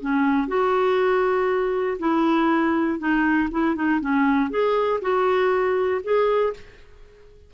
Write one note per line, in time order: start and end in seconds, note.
0.00 0.47 C#4
0.47 1.97 F#4
1.99 2.99 E4
2.99 3.49 D#4
3.51 3.75 E4
3.75 4.00 D#4
4.00 4.50 C#4
4.50 5.00 G#4
5.01 6.01 F#4
6.03 6.53 G#4